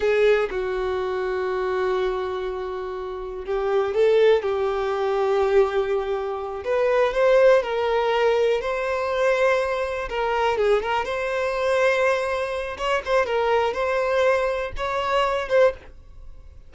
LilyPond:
\new Staff \with { instrumentName = "violin" } { \time 4/4 \tempo 4 = 122 gis'4 fis'2.~ | fis'2. g'4 | a'4 g'2.~ | g'4. b'4 c''4 ais'8~ |
ais'4. c''2~ c''8~ | c''8 ais'4 gis'8 ais'8 c''4.~ | c''2 cis''8 c''8 ais'4 | c''2 cis''4. c''8 | }